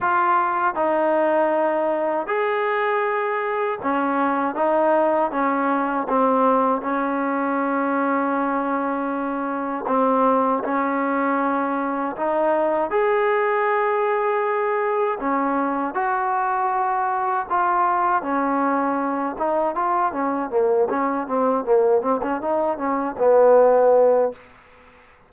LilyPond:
\new Staff \with { instrumentName = "trombone" } { \time 4/4 \tempo 4 = 79 f'4 dis'2 gis'4~ | gis'4 cis'4 dis'4 cis'4 | c'4 cis'2.~ | cis'4 c'4 cis'2 |
dis'4 gis'2. | cis'4 fis'2 f'4 | cis'4. dis'8 f'8 cis'8 ais8 cis'8 | c'8 ais8 c'16 cis'16 dis'8 cis'8 b4. | }